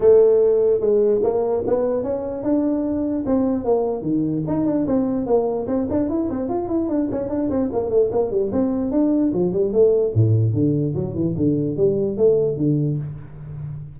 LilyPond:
\new Staff \with { instrumentName = "tuba" } { \time 4/4 \tempo 4 = 148 a2 gis4 ais4 | b4 cis'4 d'2 | c'4 ais4 dis4 dis'8 d'8 | c'4 ais4 c'8 d'8 e'8 c'8 |
f'8 e'8 d'8 cis'8 d'8 c'8 ais8 a8 | ais8 g8 c'4 d'4 f8 g8 | a4 a,4 d4 fis8 e8 | d4 g4 a4 d4 | }